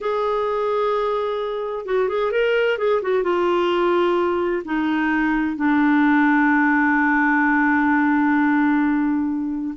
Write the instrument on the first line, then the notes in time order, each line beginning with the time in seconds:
clarinet
0.00 G#4
1.85 F#4
2.08 G#4
2.31 A#4
2.78 G#4
3.01 F#4
3.23 F4
4.64 D#4
5.56 D4